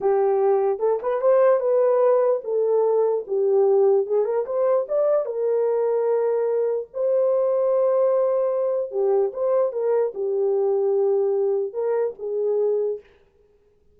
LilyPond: \new Staff \with { instrumentName = "horn" } { \time 4/4 \tempo 4 = 148 g'2 a'8 b'8 c''4 | b'2 a'2 | g'2 gis'8 ais'8 c''4 | d''4 ais'2.~ |
ais'4 c''2.~ | c''2 g'4 c''4 | ais'4 g'2.~ | g'4 ais'4 gis'2 | }